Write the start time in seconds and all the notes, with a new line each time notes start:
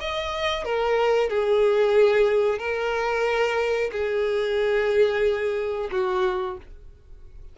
0.00 D#5
0.64 A#4
1.29 G#4
2.59 A#4
3.92 G#4
5.91 F#4